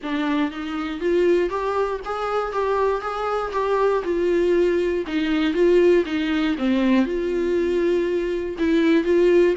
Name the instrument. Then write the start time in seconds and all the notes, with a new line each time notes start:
viola
0.03 D4
0.51 D#4
1.00 F4
1.49 G4
2.04 G#4
2.52 G4
3.01 G#4
3.52 G4
4.03 F4
5.06 D#4
5.53 F4
6.05 D#4
6.58 C4
7.05 F4
8.58 E4
9.04 F4